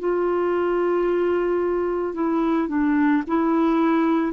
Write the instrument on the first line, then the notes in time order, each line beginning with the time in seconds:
clarinet
0.00 F4
2.14 E4
2.68 D4
3.27 E4